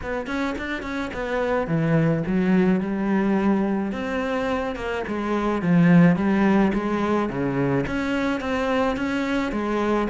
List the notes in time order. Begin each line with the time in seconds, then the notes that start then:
0.02 B3
0.27 C#4
0.58 D4
0.82 C#4
1.13 B3
1.67 E3
2.27 F#3
2.80 G3
3.92 C4
4.75 A#3
5.07 G#3
5.62 F3
6.16 G3
6.73 G#3
7.29 C#3
7.86 C#4
8.40 C4
8.96 C#4
9.51 G#3